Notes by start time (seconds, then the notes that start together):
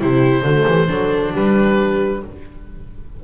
0.00 C3 E4 G4 C5
0.42 D3 A3 F#4
0.66 E3 G4
0.87 F#3 D4 A4
1.33 G3 G4 B4